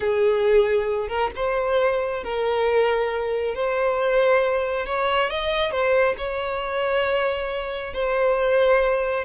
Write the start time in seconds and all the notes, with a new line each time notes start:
0.00 G#4
1.08 A#4
1.35 C5
2.23 A#4
3.54 C5
4.85 C#5
5.30 D#5
5.71 C5
6.17 C#5
7.93 C5